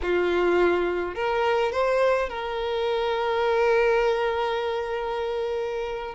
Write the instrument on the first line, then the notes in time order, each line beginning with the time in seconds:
violin
0.02 F4
1.15 A#4
1.71 C5
2.29 A#4